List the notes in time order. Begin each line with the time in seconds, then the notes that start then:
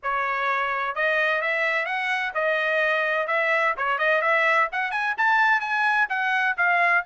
0.03 C#5
0.95 D#5
1.41 E5
1.85 F#5
2.34 D#5
3.27 E5
3.77 C#5
3.98 D#5
4.21 E5
4.72 F#5
4.91 G#5
5.17 A5
5.60 G#5
6.09 F#5
6.57 F5